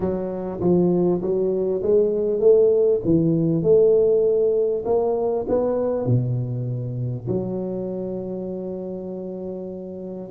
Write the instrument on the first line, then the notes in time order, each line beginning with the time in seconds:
tuba
0.00 F#3
0.60 F3
1.21 F#3
1.82 G#3
2.40 A3
3.04 E3
3.62 A3
4.85 A#3
5.48 B3
6.05 B2
7.27 F#3